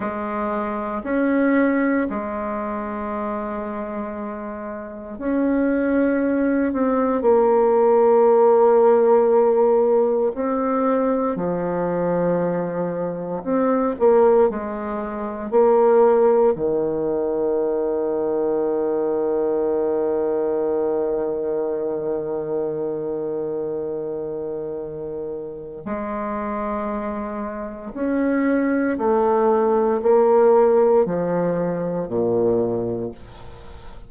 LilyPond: \new Staff \with { instrumentName = "bassoon" } { \time 4/4 \tempo 4 = 58 gis4 cis'4 gis2~ | gis4 cis'4. c'8 ais4~ | ais2 c'4 f4~ | f4 c'8 ais8 gis4 ais4 |
dis1~ | dis1~ | dis4 gis2 cis'4 | a4 ais4 f4 ais,4 | }